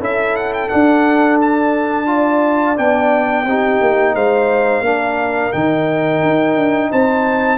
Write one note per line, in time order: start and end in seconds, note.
0.00 0.69 C#4
0.00 0.70 E4
0.00 2.07 A4
0.00 0.36 E5
0.36 0.54 F#5
0.54 0.69 G5
0.69 2.07 D4
0.69 2.79 D4
0.69 1.38 F#5
1.42 2.78 A5
2.07 2.76 F4
2.07 3.47 D5
2.77 3.45 B3
2.77 3.46 D4
2.77 4.16 G5
3.45 3.80 C4
3.45 4.84 D#4
3.45 4.15 G4
3.81 4.15 A#3
4.15 4.81 G#3
4.15 4.84 C5
4.15 5.53 F5
4.81 5.50 A#3
4.81 5.53 D4
4.81 6.91 A#4
5.53 6.23 D#3
5.53 7.59 D#4
5.53 6.91 G5
6.23 6.56 D#4
6.56 6.91 D4
6.91 7.59 C4
6.91 7.59 C5
6.91 7.59 A5